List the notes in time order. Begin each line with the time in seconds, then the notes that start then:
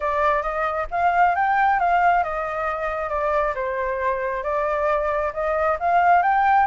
0.00 D5
0.42 D#5
0.91 F5
1.35 G5
1.79 F5
2.23 D#5
3.09 D5
3.55 C5
4.43 D5
5.33 D#5
5.79 F5
6.22 G5